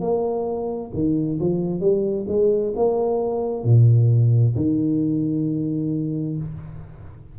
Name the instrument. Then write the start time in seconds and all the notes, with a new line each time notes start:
tuba
0.00 A#3
0.93 D#3
1.40 F3
1.80 G3
2.28 G#3
2.76 A#3
3.64 A#2
4.55 D#3